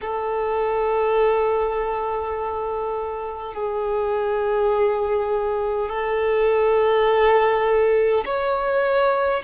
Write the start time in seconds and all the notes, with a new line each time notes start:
0.01 A4
3.53 G#4
5.89 A4
8.25 C#5